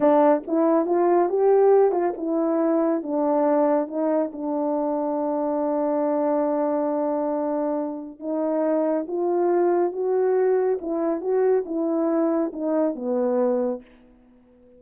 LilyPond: \new Staff \with { instrumentName = "horn" } { \time 4/4 \tempo 4 = 139 d'4 e'4 f'4 g'4~ | g'8 f'8 e'2 d'4~ | d'4 dis'4 d'2~ | d'1~ |
d'2. dis'4~ | dis'4 f'2 fis'4~ | fis'4 e'4 fis'4 e'4~ | e'4 dis'4 b2 | }